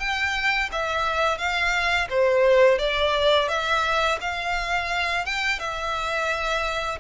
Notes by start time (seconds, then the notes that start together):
0.00 G5
0.72 E5
1.38 F5
2.10 C5
2.79 D5
3.49 E5
4.21 F5
5.26 G5
5.59 E5